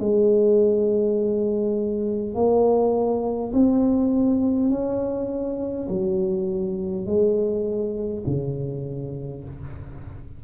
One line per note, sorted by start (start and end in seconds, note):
0.00 2.35 G#3
2.35 3.52 A#3
3.53 4.70 C4
4.70 5.88 C#4
5.89 7.06 F#3
7.06 8.24 G#3
8.27 9.44 C#3